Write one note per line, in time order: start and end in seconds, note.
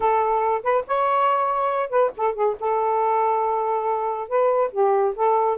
0.00 0.62 A4
0.63 0.84 B4
0.87 1.89 C#5
1.89 2.11 B4
2.16 2.34 A4
2.34 2.56 G#4
2.60 4.28 A4
4.28 4.71 B4
4.71 5.14 G4
5.15 5.57 A4